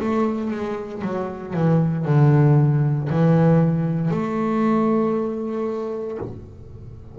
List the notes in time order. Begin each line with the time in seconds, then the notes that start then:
0.00 A3
0.51 G#3
1.03 F#3
1.54 E3
2.06 D3
3.10 E3
4.11 A3